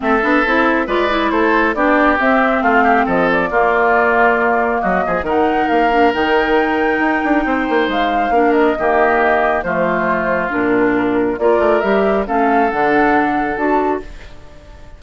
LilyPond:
<<
  \new Staff \with { instrumentName = "flute" } { \time 4/4 \tempo 4 = 137 e''2 d''4 c''4 | d''4 e''4 f''4 dis''8 d''8~ | d''2. dis''4 | fis''4 f''4 g''2~ |
g''2 f''4. dis''8~ | dis''2 c''2 | ais'2 d''4 e''4 | f''4 fis''2 a''4 | }
  \new Staff \with { instrumentName = "oboe" } { \time 4/4 a'2 b'4 a'4 | g'2 f'8 g'8 a'4 | f'2. fis'8 gis'8 | ais'1~ |
ais'4 c''2 ais'4 | g'2 f'2~ | f'2 ais'2 | a'1 | }
  \new Staff \with { instrumentName = "clarinet" } { \time 4/4 c'8 d'8 e'4 f'8 e'4. | d'4 c'2. | ais1 | dis'4. d'8 dis'2~ |
dis'2. d'4 | ais2 a2 | d'2 f'4 g'4 | cis'4 d'2 fis'4 | }
  \new Staff \with { instrumentName = "bassoon" } { \time 4/4 a8 b8 c'4 gis4 a4 | b4 c'4 a4 f4 | ais2. fis8 f8 | dis4 ais4 dis2 |
dis'8 d'8 c'8 ais8 gis4 ais4 | dis2 f2 | ais,2 ais8 a8 g4 | a4 d2 d'4 | }
>>